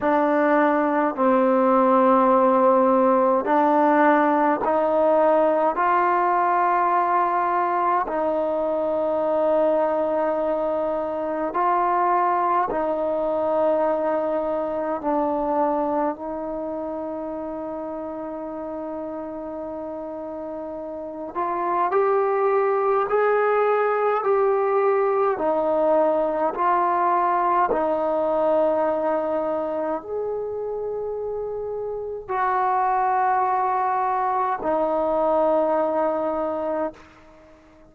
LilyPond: \new Staff \with { instrumentName = "trombone" } { \time 4/4 \tempo 4 = 52 d'4 c'2 d'4 | dis'4 f'2 dis'4~ | dis'2 f'4 dis'4~ | dis'4 d'4 dis'2~ |
dis'2~ dis'8 f'8 g'4 | gis'4 g'4 dis'4 f'4 | dis'2 gis'2 | fis'2 dis'2 | }